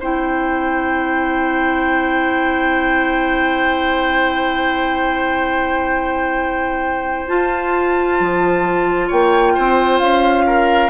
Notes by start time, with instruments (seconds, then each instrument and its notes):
0.00 bassoon C4, clarinet E4, oboe C5, flute G5
7.28 clarinet F4, bassoon F4, flute A5
8.20 bassoon F3
9.07 bassoon A#3, oboe C#5, flute G5
9.55 bassoon C4, oboe C5
9.99 bassoon C#4, flute F5
10.46 oboe A#4